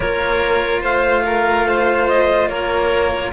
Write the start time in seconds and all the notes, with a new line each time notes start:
0.00 A#3 F4 A#4 C#5
0.81 A3 C5 F5
1.26 A#4
1.67 C5
2.08 D#5
2.48 A#3 A#4 C#5